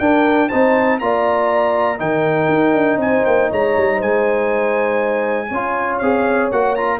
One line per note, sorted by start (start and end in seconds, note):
0.00 0.50 D4
0.00 0.51 D4
0.00 0.48 A#4
0.00 0.49 G5
0.48 1.01 C4
0.48 1.01 D#4
0.48 0.98 C5
0.48 0.99 A5
0.99 2.01 A#3
0.99 1.98 F4
0.99 1.99 D5
0.99 1.99 A#5
1.98 2.49 D#3
1.98 5.48 D#4
1.98 2.99 A#4
1.98 3.00 G5
2.49 2.74 D#4
2.74 2.97 D4
2.97 3.22 C4
2.97 3.50 C5
2.97 3.25 G#5
3.25 3.52 A#3
3.25 3.50 G5
3.50 3.77 G#3
3.50 3.96 C#5
3.50 4.02 A#5
3.77 4.01 G3
3.96 5.51 G#3
3.96 5.46 C5
3.96 5.98 G#5
5.49 6.01 C#4
5.49 6.03 F4
5.49 6.99 C#5
5.98 6.51 C4
5.98 6.52 G#4
5.98 6.48 F5
6.52 7.00 A#3
6.52 6.77 F#4
6.52 6.75 F#5
6.75 7.00 F4
6.75 7.00 A#5